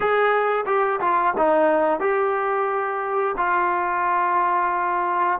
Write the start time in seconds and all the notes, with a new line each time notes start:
0.00 G#4
0.66 G4
1.00 F4
1.37 D#4
2.00 G4
3.37 F4